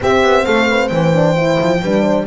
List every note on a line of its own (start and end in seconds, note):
0.00 1.12 C4
0.00 0.23 C4
0.00 0.45 G4
0.00 0.45 E5
0.23 0.45 B3
0.45 0.90 A3
0.45 0.67 A4
0.45 0.88 F5
0.69 0.92 B4
0.88 1.58 E3
0.88 1.83 C5
0.88 2.24 G5
1.12 1.35 D4
1.36 1.81 E4
1.60 1.82 F3
1.82 2.26 G3
1.82 2.26 D4
1.82 2.02 B4
2.02 2.24 C5